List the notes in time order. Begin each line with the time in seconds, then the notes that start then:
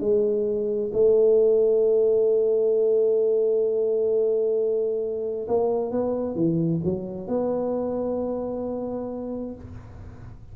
0.00 G#3
0.93 A3
5.48 A#3
5.91 B3
6.35 E3
6.84 F#3
7.28 B3